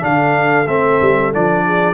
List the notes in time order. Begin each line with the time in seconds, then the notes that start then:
0.00 D3 D4 A4 F5
0.67 A3 C4 E5
1.01 G3
1.33 F3 D4 D5
1.66 G#4